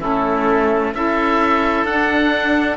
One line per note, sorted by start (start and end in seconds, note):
0.00 0.94 A3
0.00 0.92 C#4
0.00 0.92 E4
0.00 0.95 A4
0.94 1.84 C#4
0.94 1.86 E4
0.94 2.77 A4
0.94 1.85 E5
1.84 2.77 D4
1.84 2.77 F#5